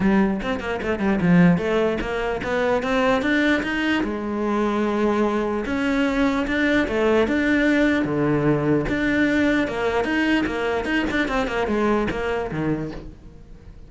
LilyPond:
\new Staff \with { instrumentName = "cello" } { \time 4/4 \tempo 4 = 149 g4 c'8 ais8 a8 g8 f4 | a4 ais4 b4 c'4 | d'4 dis'4 gis2~ | gis2 cis'2 |
d'4 a4 d'2 | d2 d'2 | ais4 dis'4 ais4 dis'8 d'8 | c'8 ais8 gis4 ais4 dis4 | }